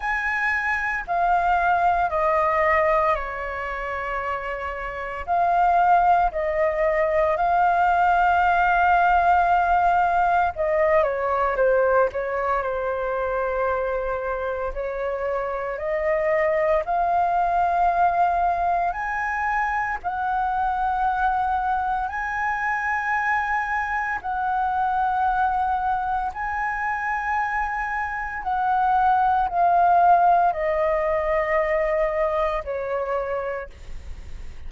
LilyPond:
\new Staff \with { instrumentName = "flute" } { \time 4/4 \tempo 4 = 57 gis''4 f''4 dis''4 cis''4~ | cis''4 f''4 dis''4 f''4~ | f''2 dis''8 cis''8 c''8 cis''8 | c''2 cis''4 dis''4 |
f''2 gis''4 fis''4~ | fis''4 gis''2 fis''4~ | fis''4 gis''2 fis''4 | f''4 dis''2 cis''4 | }